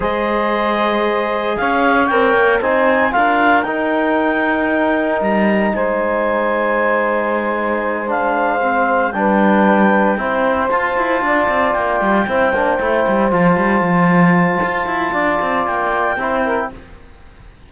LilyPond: <<
  \new Staff \with { instrumentName = "clarinet" } { \time 4/4 \tempo 4 = 115 dis''2. f''4 | g''4 gis''4 f''4 g''4~ | g''2 ais''4 gis''4~ | gis''2.~ gis''8 f''8~ |
f''4. g''2~ g''8~ | g''8 a''2 g''4.~ | g''4. a''2~ a''8~ | a''2 g''2 | }
  \new Staff \with { instrumentName = "saxophone" } { \time 4/4 c''2. cis''4~ | cis''4 c''4 ais'2~ | ais'2. c''4~ | c''1~ |
c''4. b'2 c''8~ | c''4. d''2 c''8~ | c''1~ | c''4 d''2 c''8 ais'8 | }
  \new Staff \with { instrumentName = "trombone" } { \time 4/4 gis'1 | ais'4 dis'4 f'4 dis'4~ | dis'1~ | dis'2.~ dis'8 d'8~ |
d'8 c'4 d'2 e'8~ | e'8 f'2. e'8 | d'8 e'4 f'2~ f'8~ | f'2. e'4 | }
  \new Staff \with { instrumentName = "cello" } { \time 4/4 gis2. cis'4 | c'8 ais8 c'4 d'4 dis'4~ | dis'2 g4 gis4~ | gis1~ |
gis4. g2 c'8~ | c'8 f'8 e'8 d'8 c'8 ais8 g8 c'8 | ais8 a8 g8 f8 g8 f4. | f'8 e'8 d'8 c'8 ais4 c'4 | }
>>